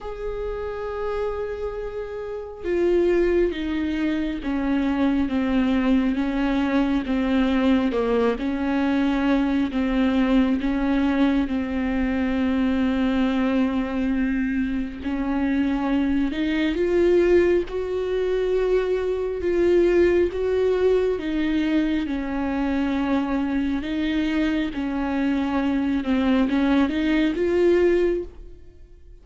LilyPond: \new Staff \with { instrumentName = "viola" } { \time 4/4 \tempo 4 = 68 gis'2. f'4 | dis'4 cis'4 c'4 cis'4 | c'4 ais8 cis'4. c'4 | cis'4 c'2.~ |
c'4 cis'4. dis'8 f'4 | fis'2 f'4 fis'4 | dis'4 cis'2 dis'4 | cis'4. c'8 cis'8 dis'8 f'4 | }